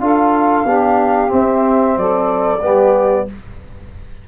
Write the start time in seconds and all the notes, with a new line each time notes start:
0.00 D4 F4 A4 F5
0.65 B3 D4 G4
1.28 C4 E5
1.97 F#3 A4 D5
2.60 G3 B3 G4